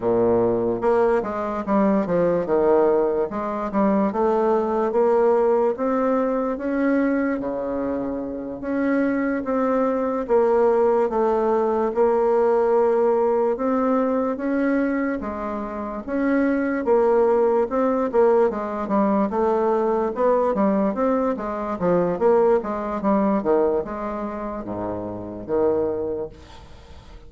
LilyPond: \new Staff \with { instrumentName = "bassoon" } { \time 4/4 \tempo 4 = 73 ais,4 ais8 gis8 g8 f8 dis4 | gis8 g8 a4 ais4 c'4 | cis'4 cis4. cis'4 c'8~ | c'8 ais4 a4 ais4.~ |
ais8 c'4 cis'4 gis4 cis'8~ | cis'8 ais4 c'8 ais8 gis8 g8 a8~ | a8 b8 g8 c'8 gis8 f8 ais8 gis8 | g8 dis8 gis4 gis,4 dis4 | }